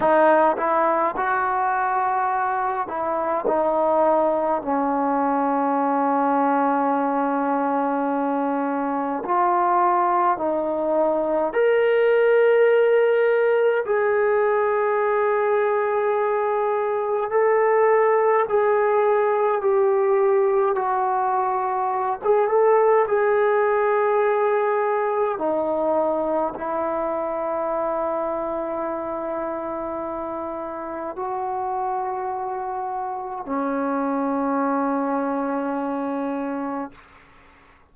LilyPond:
\new Staff \with { instrumentName = "trombone" } { \time 4/4 \tempo 4 = 52 dis'8 e'8 fis'4. e'8 dis'4 | cis'1 | f'4 dis'4 ais'2 | gis'2. a'4 |
gis'4 g'4 fis'4~ fis'16 gis'16 a'8 | gis'2 dis'4 e'4~ | e'2. fis'4~ | fis'4 cis'2. | }